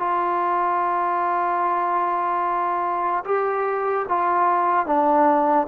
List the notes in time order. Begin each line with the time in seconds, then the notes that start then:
0.00 F4
3.25 G4
4.09 F4
4.86 D4